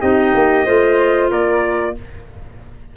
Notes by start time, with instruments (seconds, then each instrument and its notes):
0.00 tuba C4, clarinet D#4, flute G4, trumpet D#5
0.34 tuba A#3
0.65 tuba A3, clarinet F4, flute C5
1.30 tuba A#3, flute A#4, trumpet D5